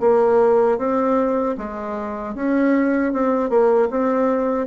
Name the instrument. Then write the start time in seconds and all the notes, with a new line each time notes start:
bassoon
0.00 A#3
0.78 C4
1.58 G#3
2.35 C#4
3.13 C4
3.50 A#3
3.90 C4